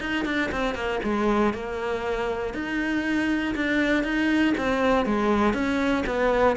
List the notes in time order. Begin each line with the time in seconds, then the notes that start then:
0.00 D#4
0.25 D4
0.52 C4
0.75 A#3
1.03 G#3
1.54 A#3
2.54 D#4
3.55 D4
4.03 D#4
4.57 C4
5.05 G#3
5.53 C#4
6.06 B3